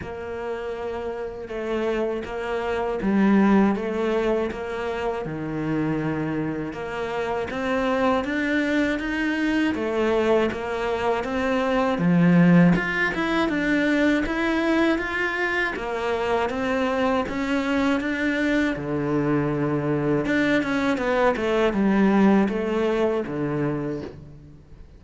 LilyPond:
\new Staff \with { instrumentName = "cello" } { \time 4/4 \tempo 4 = 80 ais2 a4 ais4 | g4 a4 ais4 dis4~ | dis4 ais4 c'4 d'4 | dis'4 a4 ais4 c'4 |
f4 f'8 e'8 d'4 e'4 | f'4 ais4 c'4 cis'4 | d'4 d2 d'8 cis'8 | b8 a8 g4 a4 d4 | }